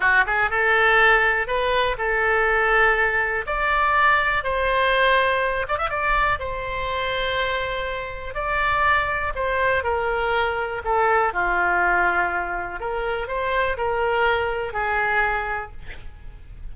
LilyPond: \new Staff \with { instrumentName = "oboe" } { \time 4/4 \tempo 4 = 122 fis'8 gis'8 a'2 b'4 | a'2. d''4~ | d''4 c''2~ c''8 d''16 e''16 | d''4 c''2.~ |
c''4 d''2 c''4 | ais'2 a'4 f'4~ | f'2 ais'4 c''4 | ais'2 gis'2 | }